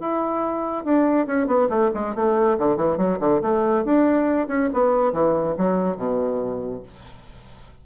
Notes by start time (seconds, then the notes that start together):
0.00 E4
0.85 D4
1.27 C#4
1.47 B3
1.70 A3
1.94 G#3
2.15 A3
2.59 D3
2.77 E3
2.98 F#3
3.20 D3
3.42 A3
3.85 D4
4.48 C#4
4.74 B3
5.13 E3
5.58 F#3
5.97 B2